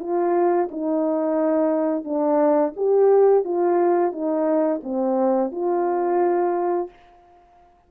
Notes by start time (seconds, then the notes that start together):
0.00 F4
0.71 D#4
2.05 D4
2.77 G4
3.45 F4
4.12 D#4
4.84 C4
5.52 F4